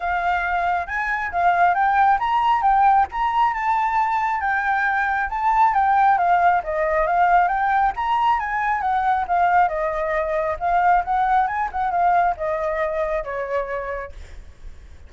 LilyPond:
\new Staff \with { instrumentName = "flute" } { \time 4/4 \tempo 4 = 136 f''2 gis''4 f''4 | g''4 ais''4 g''4 ais''4 | a''2 g''2 | a''4 g''4 f''4 dis''4 |
f''4 g''4 ais''4 gis''4 | fis''4 f''4 dis''2 | f''4 fis''4 gis''8 fis''8 f''4 | dis''2 cis''2 | }